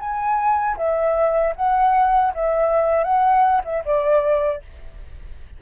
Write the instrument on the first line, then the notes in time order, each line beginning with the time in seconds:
flute
0.00 G#5
0.77 E5
1.56 F#5
2.34 E5
3.04 F#5
3.65 E5
3.85 D5